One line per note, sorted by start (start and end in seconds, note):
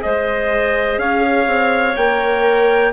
0.00 0.98 G#3
0.00 1.94 G#4
0.00 0.99 C5
0.00 0.99 D#5
0.98 1.46 C#4
0.98 2.93 C#5
0.98 1.96 F5
1.47 1.95 C4
1.96 2.93 A#3
1.96 2.93 A#4
1.96 2.93 G5